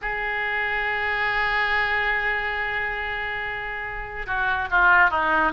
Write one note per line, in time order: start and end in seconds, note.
0.01 4.26 G#4
4.26 4.68 F#4
4.70 5.10 F4
5.10 5.52 D#4